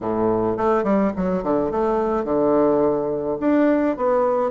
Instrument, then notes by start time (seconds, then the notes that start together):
bassoon
0.00 A2
0.57 A3
0.83 G3
1.16 F#3
1.43 D3
1.71 A3
2.24 D3
3.40 D4
3.96 B3